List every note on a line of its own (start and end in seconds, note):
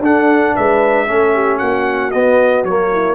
0.00 0.53 D4
0.00 1.07 D4
0.00 0.55 A4
0.00 0.56 F#5
0.55 1.09 G#3
0.55 1.07 B4
0.55 1.59 E5
1.07 1.61 A3
1.07 2.12 C#4
1.07 1.34 A4
1.34 1.57 G4
1.57 2.14 A#3
1.57 2.89 F#4
1.57 2.11 F#5
2.11 2.64 B3
2.11 2.67 B3
2.11 2.64 D#5
2.64 3.15 F#3
2.64 3.15 A#3
2.64 3.15 C#5
2.92 3.15 E4